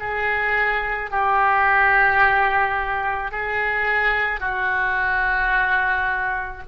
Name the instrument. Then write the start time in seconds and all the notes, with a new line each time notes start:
oboe
0.00 G#4
1.11 G4
3.32 G#4
4.41 F#4